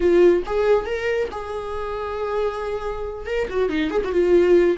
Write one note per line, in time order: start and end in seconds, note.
0.00 0.43 F4
0.46 0.85 G#4
0.85 1.28 A#4
1.31 3.26 G#4
3.26 3.47 A#4
3.49 3.69 F#4
3.69 3.90 D#4
3.90 4.01 G#4
4.04 4.12 F#4
4.12 4.77 F4